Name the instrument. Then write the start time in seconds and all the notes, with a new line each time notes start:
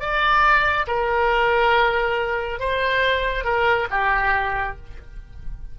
oboe
0.00 D5
0.87 A#4
2.60 C5
3.44 A#4
3.90 G4